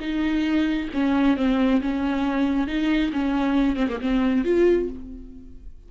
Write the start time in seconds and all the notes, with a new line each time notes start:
0.00 D#4
0.93 C#4
1.37 C4
1.81 C#4
2.67 D#4
3.13 C#4
3.76 C4
3.88 A#3
4.01 C4
4.44 F4